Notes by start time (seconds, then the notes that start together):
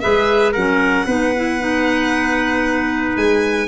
0.00 G#3 G#4 B4 E5
0.52 F#3 C#4 A#4 F#5
1.06 B3 D#4 B4
1.35 E4
1.59 D#4
3.16 G#3 G#5